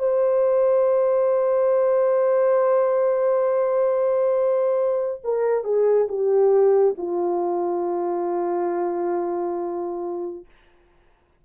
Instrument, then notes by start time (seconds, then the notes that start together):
horn
0.00 C5
5.25 A#4
5.64 G#4
6.09 G4
6.98 F4